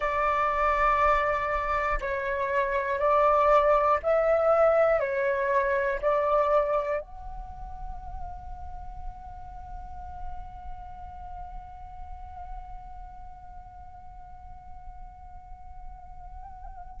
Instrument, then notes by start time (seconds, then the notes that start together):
flute
0.00 D5
2.00 C#5
2.99 D5
4.03 E5
5.00 C#5
6.01 D5
7.00 F#5